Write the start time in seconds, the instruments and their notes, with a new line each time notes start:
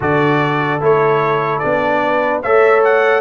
0.00 tuba D3, trombone F#4, horn A4, trumpet D5
0.81 tuba A3, trombone E4, trumpet C#5
1.58 tuba B3, trombone D4, trumpet D5
2.04 horn B4
2.42 tuba A3, trombone A4, horn C#5, trumpet E5
2.84 trumpet F#5